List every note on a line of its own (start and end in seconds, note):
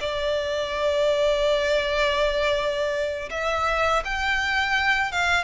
0.00 3.29 D5
3.30 4.03 E5
4.04 5.12 G5
5.12 5.44 F5